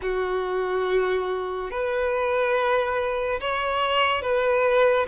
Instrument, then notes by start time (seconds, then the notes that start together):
violin
0.02 F#4
1.71 B4
3.40 C#5
4.22 B4